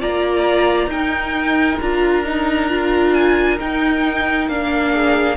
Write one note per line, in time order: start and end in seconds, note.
0.00 0.86 A#3
0.00 0.90 F4
0.00 0.90 D5
0.00 0.90 A#5
0.86 1.76 D#4
0.86 1.81 D#4
0.86 4.92 A#4
0.86 1.79 G5
1.80 3.60 D4
1.80 2.24 F4
1.80 3.13 A#5
2.24 2.69 D#4
2.69 3.58 F4
3.13 3.58 G#5
3.60 4.49 D#4
3.60 4.48 D#4
3.60 4.48 G5
4.48 5.37 A#3
4.48 5.37 D4
4.48 5.37 F5
4.92 5.37 G#4